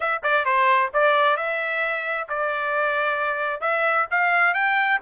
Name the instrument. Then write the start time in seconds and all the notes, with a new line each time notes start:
trumpet
0.00 E5
0.23 D5
0.45 C5
0.93 D5
1.36 E5
2.29 D5
3.60 E5
4.10 F5
4.54 G5